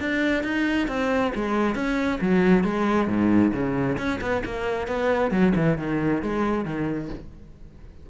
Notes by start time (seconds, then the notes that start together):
0.00 D4
0.44 D#4
0.88 C4
1.35 G#3
1.75 C#4
2.21 F#3
2.64 G#3
3.08 G#2
3.53 C#3
3.98 C#4
4.21 B3
4.45 A#3
4.87 B3
5.31 F#3
5.56 E3
5.78 D#3
6.22 G#3
6.65 D#3